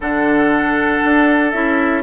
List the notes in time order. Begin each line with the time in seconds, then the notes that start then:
0.00 D3 D4 A4 F#5
1.04 D4
1.51 C#4 E4 E5